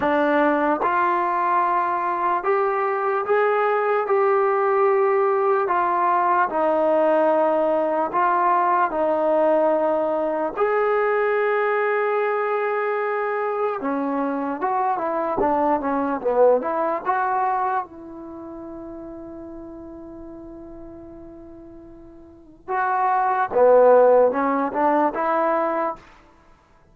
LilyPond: \new Staff \with { instrumentName = "trombone" } { \time 4/4 \tempo 4 = 74 d'4 f'2 g'4 | gis'4 g'2 f'4 | dis'2 f'4 dis'4~ | dis'4 gis'2.~ |
gis'4 cis'4 fis'8 e'8 d'8 cis'8 | b8 e'8 fis'4 e'2~ | e'1 | fis'4 b4 cis'8 d'8 e'4 | }